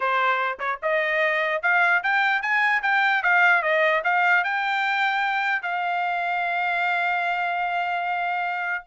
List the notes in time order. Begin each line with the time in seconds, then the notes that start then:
0.00 C5
0.59 C#5
0.82 D#5
1.62 F5
2.03 G5
2.42 G#5
2.82 G5
3.23 F5
3.62 D#5
4.04 F5
4.44 G5
5.62 F5